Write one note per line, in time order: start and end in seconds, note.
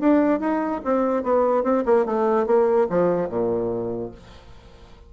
0.00 0.40 D4
0.40 0.81 D#4
0.85 1.23 C4
1.23 1.64 B3
1.64 1.84 C4
1.86 2.06 A#3
2.06 2.47 A3
2.47 2.88 A#3
2.90 3.29 F3
3.29 4.12 A#2